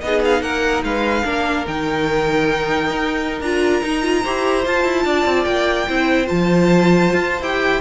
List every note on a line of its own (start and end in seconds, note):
0.00 0.41 B3
0.00 1.24 D#4
0.00 0.43 G#4
0.00 0.21 D#5
0.24 0.41 F5
0.41 0.82 A#3
0.41 0.84 A#4
0.41 0.83 F#5
0.83 1.24 G#3
0.83 1.25 B4
0.83 1.66 F5
1.24 1.66 A#3
1.24 1.65 D4
1.24 4.23 A#4
1.67 2.90 D#3
1.67 3.42 D#4
1.67 3.41 G5
2.90 3.41 D#4
3.41 3.82 D4
3.41 3.82 F4
3.41 4.65 A#5
3.82 4.02 D#4
3.82 4.24 D#4
4.02 4.23 F4
4.23 4.65 E4
4.23 4.64 G4
4.23 5.05 C5
4.64 5.87 F4
4.64 4.84 F4
4.64 5.44 A5
4.84 5.04 E4
5.05 5.25 D4
5.05 5.88 D5
5.25 5.45 C4
5.44 5.88 A#3
5.44 6.26 G5
5.88 6.30 C4
5.88 6.26 E4
5.88 7.81 C5
6.26 7.13 F3
6.26 7.39 F4
6.26 7.41 A5
7.13 7.41 F4
7.41 7.81 E4
7.41 7.81 G4
7.41 7.81 G5